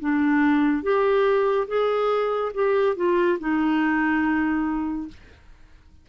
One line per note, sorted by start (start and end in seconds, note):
0.00 0.83 D4
0.83 1.67 G4
1.67 2.52 G#4
2.54 2.96 G4
2.96 3.38 F4
3.39 5.08 D#4